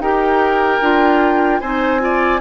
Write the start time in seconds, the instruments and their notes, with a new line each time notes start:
0.00 bassoon D#4, clarinet G4, oboe A#4, flute G5
0.82 bassoon D4, clarinet F4
1.61 bassoon C4, clarinet D#4, oboe C5, flute G#5
2.00 clarinet F4, oboe D5